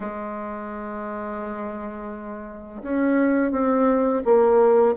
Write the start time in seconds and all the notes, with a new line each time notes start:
0.00 G#3
2.82 C#4
3.51 C4
4.24 A#3